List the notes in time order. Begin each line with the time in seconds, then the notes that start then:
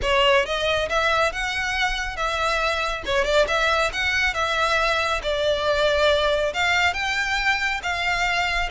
0.02 C#5
0.45 D#5
0.89 E5
1.32 F#5
2.16 E5
3.05 C#5
3.24 D5
3.47 E5
3.92 F#5
4.34 E5
5.22 D5
6.53 F5
6.93 G5
7.82 F5